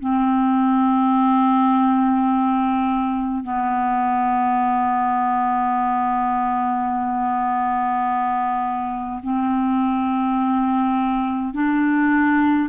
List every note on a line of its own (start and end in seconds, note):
0.00 3.45 C4
3.45 9.22 B3
9.24 11.54 C4
11.54 12.70 D4